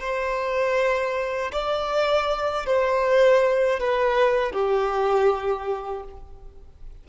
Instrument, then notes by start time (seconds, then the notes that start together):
violin
0.00 C5
1.52 D5
2.66 C5
3.80 B4
4.52 G4